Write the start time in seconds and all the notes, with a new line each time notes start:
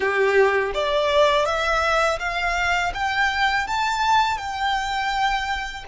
0.00 G4
0.74 D5
1.45 E5
2.19 F5
2.93 G5
3.67 A5
4.37 G5